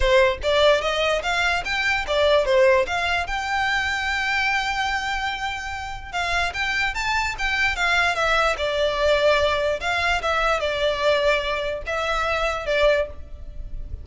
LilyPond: \new Staff \with { instrumentName = "violin" } { \time 4/4 \tempo 4 = 147 c''4 d''4 dis''4 f''4 | g''4 d''4 c''4 f''4 | g''1~ | g''2. f''4 |
g''4 a''4 g''4 f''4 | e''4 d''2. | f''4 e''4 d''2~ | d''4 e''2 d''4 | }